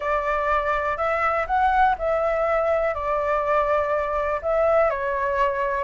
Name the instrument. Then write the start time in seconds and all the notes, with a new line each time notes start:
flute
0.00 D5
0.97 E5
1.46 F#5
1.98 E5
2.94 D5
4.41 E5
4.90 C#5